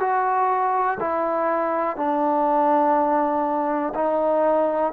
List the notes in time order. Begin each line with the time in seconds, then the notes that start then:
0.00 F#4
1.00 E4
1.97 D4
3.95 D#4